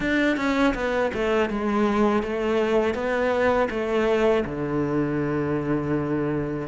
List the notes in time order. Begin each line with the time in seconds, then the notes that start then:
0.00 D4
0.36 C#4
0.74 B3
1.13 A3
1.49 G#3
2.22 A3
2.94 B3
3.70 A3
4.45 D3